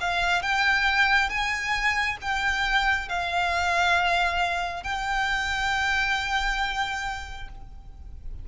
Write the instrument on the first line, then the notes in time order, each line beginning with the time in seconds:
violin
0.00 F5
0.42 G5
1.29 G#5
2.21 G5
3.08 F5
4.83 G5